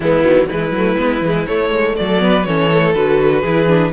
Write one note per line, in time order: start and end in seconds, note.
0.00 0.23 E3
0.00 0.24 G#3
0.00 0.47 B3
0.00 0.47 E4
0.23 0.48 D#3
0.23 0.48 F#3
0.47 0.71 E3
0.47 0.74 G#3
0.47 1.95 E4
0.47 1.46 B4
0.71 0.95 F#3
0.71 0.97 A3
0.97 1.21 G#3
0.97 1.22 B3
1.21 1.46 E3
1.21 1.47 G#3
1.46 2.19 A3
1.46 1.69 A3
1.46 1.95 C#5
1.69 1.94 G#3
1.96 2.45 F#3
1.96 2.23 A4
1.96 2.44 D5
2.19 2.43 B3
2.19 2.47 B4
2.44 2.94 E3
2.44 2.71 C#4
2.44 3.41 A4
2.44 2.93 C#5
2.71 2.94 A3
2.93 3.43 D3
2.93 3.44 F#4
2.93 3.92 B4
3.41 3.92 E3
3.41 3.67 E4
3.41 3.90 G#4
3.67 3.92 D4